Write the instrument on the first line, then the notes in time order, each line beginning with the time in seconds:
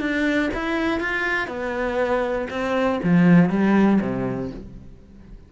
cello
0.00 D4
0.54 E4
1.00 F4
1.47 B3
2.50 C4
3.03 F3
3.50 G3
4.01 C3